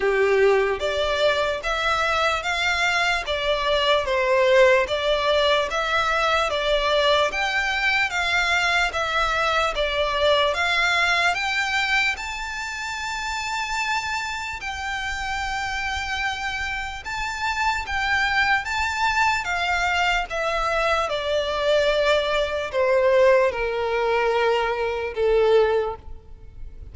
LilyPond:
\new Staff \with { instrumentName = "violin" } { \time 4/4 \tempo 4 = 74 g'4 d''4 e''4 f''4 | d''4 c''4 d''4 e''4 | d''4 g''4 f''4 e''4 | d''4 f''4 g''4 a''4~ |
a''2 g''2~ | g''4 a''4 g''4 a''4 | f''4 e''4 d''2 | c''4 ais'2 a'4 | }